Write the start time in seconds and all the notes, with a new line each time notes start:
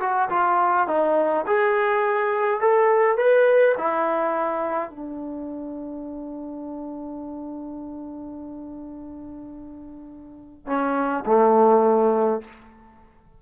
0.00 F#4
0.29 F4
0.88 D#4
1.46 G#4
2.61 A4
3.17 B4
3.78 E4
4.90 D4
10.66 C#4
11.26 A3